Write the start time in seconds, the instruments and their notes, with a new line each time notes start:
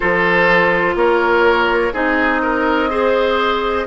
0.00 bassoon F3, clarinet F4, oboe A4, flute C5
0.95 bassoon A#3, oboe A#4, flute C#5
1.93 bassoon C4, clarinet D#4, oboe G#4, flute D#5
2.42 oboe A#4
2.89 clarinet G#4, oboe C5